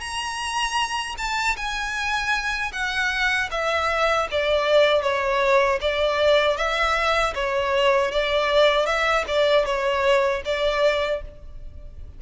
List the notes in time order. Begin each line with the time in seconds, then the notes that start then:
0.00 A#5
1.18 A5
1.56 G#5
2.72 F#5
3.51 E5
4.31 D5
5.02 C#5
5.81 D5
6.57 E5
7.34 C#5
8.11 D5
8.86 E5
9.27 D5
9.65 C#5
10.45 D5